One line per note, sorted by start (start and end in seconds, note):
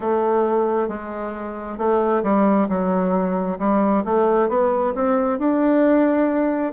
0.00 0.88 A3
0.88 1.77 G#3
1.77 2.22 A3
2.23 2.68 G3
2.69 3.58 F#3
3.59 4.03 G3
4.05 4.48 A3
4.48 4.93 B3
4.94 5.39 C4
5.39 6.72 D4